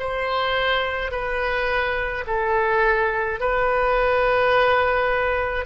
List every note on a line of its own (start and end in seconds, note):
0.00 1.12 C5
1.12 2.25 B4
2.27 3.40 A4
3.41 5.66 B4